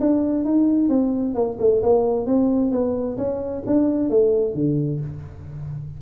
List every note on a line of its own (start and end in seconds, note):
0.00 0.44 D4
0.44 0.89 D#4
0.89 1.34 C4
1.34 1.57 A#3
1.59 1.82 A3
1.82 2.26 A#3
2.26 2.71 C4
2.71 3.17 B3
3.17 3.63 C#4
3.66 4.10 D4
4.10 4.54 A3
4.54 5.00 D3